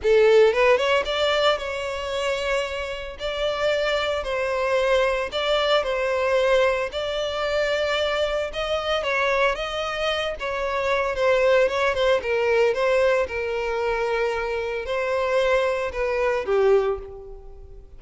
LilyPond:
\new Staff \with { instrumentName = "violin" } { \time 4/4 \tempo 4 = 113 a'4 b'8 cis''8 d''4 cis''4~ | cis''2 d''2 | c''2 d''4 c''4~ | c''4 d''2. |
dis''4 cis''4 dis''4. cis''8~ | cis''4 c''4 cis''8 c''8 ais'4 | c''4 ais'2. | c''2 b'4 g'4 | }